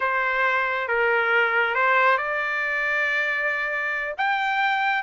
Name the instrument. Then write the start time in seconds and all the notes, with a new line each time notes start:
trumpet
0.00 C5
0.88 A#4
1.74 C5
2.17 D5
4.17 G5